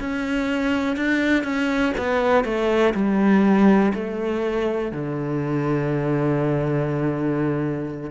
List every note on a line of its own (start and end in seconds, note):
0.00 0.96 C#4
0.96 1.44 D4
1.44 1.93 C#4
1.97 2.44 B3
2.44 2.93 A3
2.94 3.93 G3
3.94 4.92 A3
4.92 8.11 D3